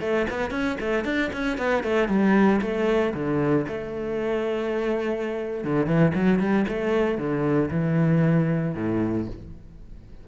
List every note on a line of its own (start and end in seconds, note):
0.00 0.26 A3
0.30 0.51 B3
0.51 0.77 C#4
0.80 1.05 A3
1.05 1.31 D4
1.33 1.58 C#4
1.58 1.84 B3
1.84 2.08 A3
2.08 2.61 G3
2.61 3.14 A3
3.14 3.66 D3
3.69 5.64 A3
5.64 5.86 D3
5.86 6.12 E3
6.14 6.40 F#3
6.40 6.66 G3
6.68 7.18 A3
7.18 7.70 D3
7.71 8.75 E3
8.75 9.27 A2